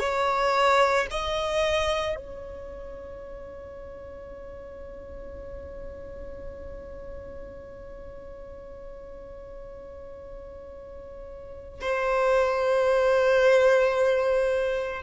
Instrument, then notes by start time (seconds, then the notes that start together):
violin
0.00 C#5
1.12 D#5
2.16 C#5
11.81 C5